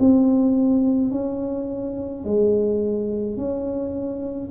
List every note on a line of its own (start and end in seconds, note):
0.00 1.11 C4
1.11 2.24 C#4
2.25 3.37 G#3
3.37 4.50 C#4